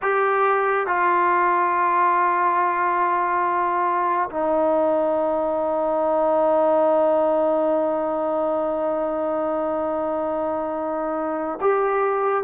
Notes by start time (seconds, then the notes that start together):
0.02 G4
0.86 F4
4.30 D#4
11.60 G4